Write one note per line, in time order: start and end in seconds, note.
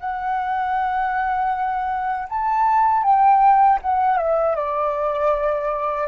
0.00 2.28 F#5
2.30 3.03 A5
3.03 3.79 G5
3.82 4.18 F#5
4.18 4.56 E5
4.56 6.08 D5